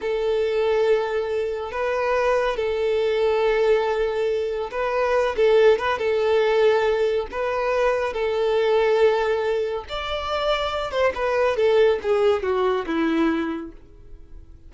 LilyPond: \new Staff \with { instrumentName = "violin" } { \time 4/4 \tempo 4 = 140 a'1 | b'2 a'2~ | a'2. b'4~ | b'8 a'4 b'8 a'2~ |
a'4 b'2 a'4~ | a'2. d''4~ | d''4. c''8 b'4 a'4 | gis'4 fis'4 e'2 | }